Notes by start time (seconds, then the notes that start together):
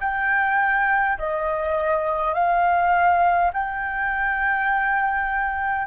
0.00 G5
1.18 D#5
2.34 F5
3.53 G5